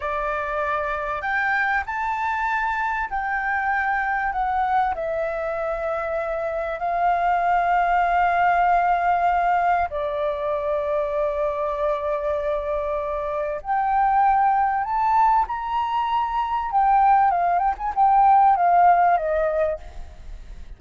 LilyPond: \new Staff \with { instrumentName = "flute" } { \time 4/4 \tempo 4 = 97 d''2 g''4 a''4~ | a''4 g''2 fis''4 | e''2. f''4~ | f''1 |
d''1~ | d''2 g''2 | a''4 ais''2 g''4 | f''8 g''16 gis''16 g''4 f''4 dis''4 | }